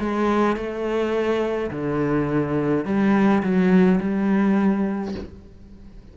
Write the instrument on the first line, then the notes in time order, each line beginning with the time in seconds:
cello
0.00 G#3
0.57 A3
1.71 D3
2.86 G3
3.43 F#3
4.01 G3